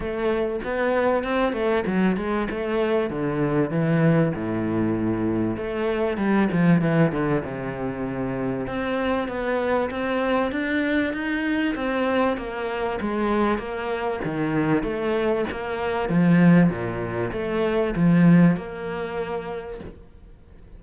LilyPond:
\new Staff \with { instrumentName = "cello" } { \time 4/4 \tempo 4 = 97 a4 b4 c'8 a8 fis8 gis8 | a4 d4 e4 a,4~ | a,4 a4 g8 f8 e8 d8 | c2 c'4 b4 |
c'4 d'4 dis'4 c'4 | ais4 gis4 ais4 dis4 | a4 ais4 f4 ais,4 | a4 f4 ais2 | }